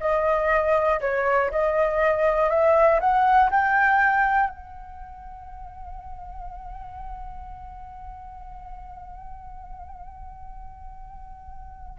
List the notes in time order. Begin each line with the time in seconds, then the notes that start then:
0.00 D#5
1.00 C#5
1.50 D#5
2.49 E5
3.00 F#5
3.50 G5
4.50 F#5